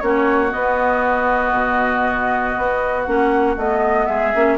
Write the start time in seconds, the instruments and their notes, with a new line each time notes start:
0.00 bassoon A#3, clarinet C#4, oboe F#4, flute C#5
0.49 clarinet B3, bassoon B3, flute D#5
1.52 bassoon B2
2.57 bassoon B3
3.03 bassoon A#3, clarinet C#4, flute F#5
3.56 bassoon A3, clarinet B3, flute D#5
4.06 bassoon G#3, oboe G#4, flute E5
4.34 bassoon A#3, clarinet C#4